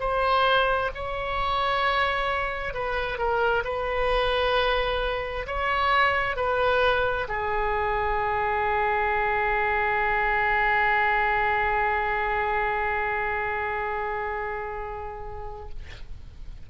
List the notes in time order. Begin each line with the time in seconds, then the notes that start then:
0.00 C5
0.95 C#5
2.74 B4
3.18 A#4
3.64 B4
5.47 C#5
6.36 B4
7.28 G#4